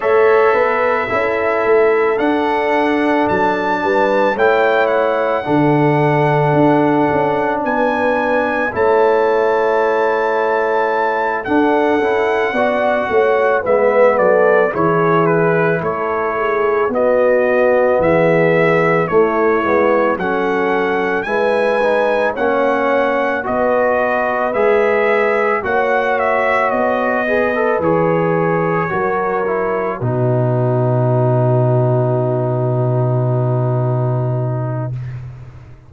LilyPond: <<
  \new Staff \with { instrumentName = "trumpet" } { \time 4/4 \tempo 4 = 55 e''2 fis''4 a''4 | g''8 fis''2~ fis''8 gis''4 | a''2~ a''8 fis''4.~ | fis''8 e''8 d''8 cis''8 b'8 cis''4 dis''8~ |
dis''8 e''4 cis''4 fis''4 gis''8~ | gis''8 fis''4 dis''4 e''4 fis''8 | e''8 dis''4 cis''2 b'8~ | b'1 | }
  \new Staff \with { instrumentName = "horn" } { \time 4/4 cis''8 b'8 a'2~ a'8 b'8 | cis''4 a'2 b'4 | cis''2~ cis''8 a'4 d''8 | cis''8 b'8 a'8 gis'4 a'8 gis'8 fis'8~ |
fis'8 gis'4 e'4 a'4 b'8~ | b'8 cis''4 b'2 cis''8~ | cis''4 b'4. ais'4 fis'8~ | fis'1 | }
  \new Staff \with { instrumentName = "trombone" } { \time 4/4 a'4 e'4 d'2 | e'4 d'2. | e'2~ e'8 d'8 e'8 fis'8~ | fis'8 b4 e'2 b8~ |
b4. a8 b8 cis'4 e'8 | dis'8 cis'4 fis'4 gis'4 fis'8~ | fis'4 gis'16 a'16 gis'4 fis'8 e'8 dis'8~ | dis'1 | }
  \new Staff \with { instrumentName = "tuba" } { \time 4/4 a8 b8 cis'8 a8 d'4 fis8 g8 | a4 d4 d'8 cis'8 b4 | a2~ a8 d'8 cis'8 b8 | a8 gis8 fis8 e4 a4 b8~ |
b8 e4 a8 gis8 fis4 gis8~ | gis8 ais4 b4 gis4 ais8~ | ais8 b4 e4 fis4 b,8~ | b,1 | }
>>